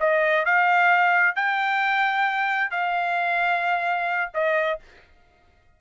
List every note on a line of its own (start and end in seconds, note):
0.00 0.45 D#5
0.45 1.36 F5
1.36 2.71 G5
2.71 4.31 F5
4.34 4.80 D#5